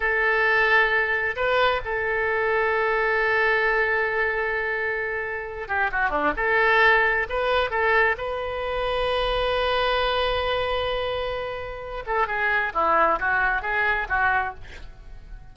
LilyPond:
\new Staff \with { instrumentName = "oboe" } { \time 4/4 \tempo 4 = 132 a'2. b'4 | a'1~ | a'1~ | a'8 g'8 fis'8 d'8 a'2 |
b'4 a'4 b'2~ | b'1~ | b'2~ b'8 a'8 gis'4 | e'4 fis'4 gis'4 fis'4 | }